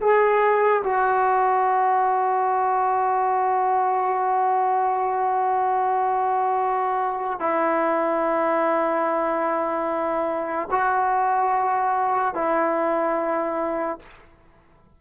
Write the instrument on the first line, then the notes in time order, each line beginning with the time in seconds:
trombone
0.00 G#4
0.83 F#4
7.40 E4
10.71 F#4
12.34 E4